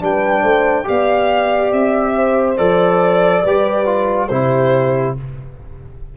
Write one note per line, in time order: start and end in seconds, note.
0.00 0.43 G3
0.00 0.84 D4
0.00 0.42 B4
0.00 0.88 G5
0.42 0.86 A3
0.42 0.85 C5
0.84 1.72 B3
0.84 2.55 G4
0.84 2.16 D5
0.84 1.72 F5
1.72 2.58 C4
1.72 2.57 E5
2.16 3.42 C5
2.57 3.44 F3
2.57 3.43 A4
2.57 4.28 D5
3.42 4.30 G3
3.42 3.86 G4
3.42 4.28 B4
3.86 4.28 F4
4.28 5.16 C3
4.28 5.17 E4
4.28 5.17 G4
4.28 5.14 C5